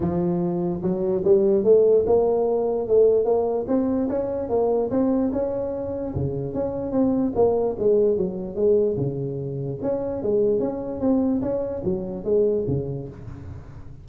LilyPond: \new Staff \with { instrumentName = "tuba" } { \time 4/4 \tempo 4 = 147 f2 fis4 g4 | a4 ais2 a4 | ais4 c'4 cis'4 ais4 | c'4 cis'2 cis4 |
cis'4 c'4 ais4 gis4 | fis4 gis4 cis2 | cis'4 gis4 cis'4 c'4 | cis'4 fis4 gis4 cis4 | }